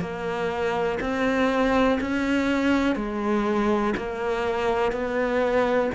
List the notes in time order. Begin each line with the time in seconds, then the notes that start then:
0.00 A#3
1.00 C4
2.00 C#4
2.95 G#3
3.96 A#3
4.92 B3